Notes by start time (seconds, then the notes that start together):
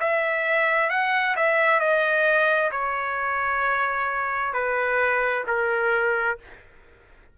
0.00 E5
0.90 F#5
1.36 E5
1.80 D#5
2.71 C#5
4.53 B4
5.47 A#4